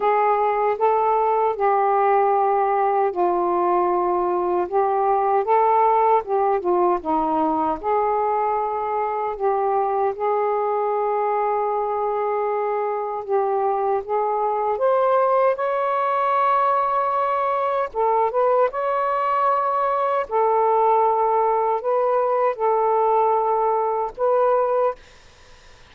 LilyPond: \new Staff \with { instrumentName = "saxophone" } { \time 4/4 \tempo 4 = 77 gis'4 a'4 g'2 | f'2 g'4 a'4 | g'8 f'8 dis'4 gis'2 | g'4 gis'2.~ |
gis'4 g'4 gis'4 c''4 | cis''2. a'8 b'8 | cis''2 a'2 | b'4 a'2 b'4 | }